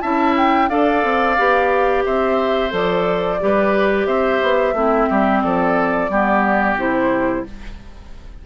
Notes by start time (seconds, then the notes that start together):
0.00 C#4 E4 E5 A5
0.37 G5
0.69 D4 A4 D5 F5
1.04 C4
1.38 B3 G4
2.05 C4 C5 E5
2.70 F3 A4 D5
3.40 G3 G4 B4
4.06 C4 C5 E5
4.42 B3
4.73 A3 C4 E4
5.09 G3 G4
5.41 F3 A4 D5
6.09 G3 B3 G4
6.75 C3 E4 C5